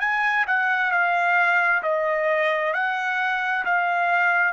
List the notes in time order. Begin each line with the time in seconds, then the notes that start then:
0.00 G#5
0.47 F#5
0.91 F5
1.82 D#5
2.74 F#5
3.65 F5